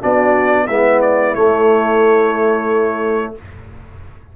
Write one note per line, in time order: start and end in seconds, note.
0.00 0.69 B3
0.00 0.67 D4
0.00 0.65 F#4
0.00 0.67 D5
0.65 1.35 G#3
0.65 1.36 B3
0.65 3.32 E4
0.65 1.01 E5
1.02 1.35 D5
1.35 3.36 A3
1.35 3.37 A3
1.35 3.35 C#5